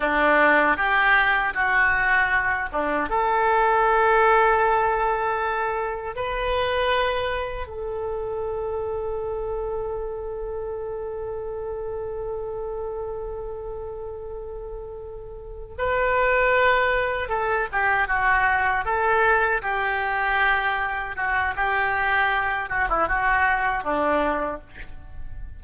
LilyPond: \new Staff \with { instrumentName = "oboe" } { \time 4/4 \tempo 4 = 78 d'4 g'4 fis'4. d'8 | a'1 | b'2 a'2~ | a'1~ |
a'1~ | a'8 b'2 a'8 g'8 fis'8~ | fis'8 a'4 g'2 fis'8 | g'4. fis'16 e'16 fis'4 d'4 | }